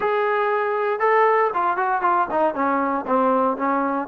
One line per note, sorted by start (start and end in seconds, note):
0.00 0.99 G#4
0.99 1.50 A4
1.53 1.76 F4
1.76 2.01 F#4
2.01 2.27 F4
2.30 2.54 D#4
2.54 3.05 C#4
3.06 3.57 C4
3.57 4.07 C#4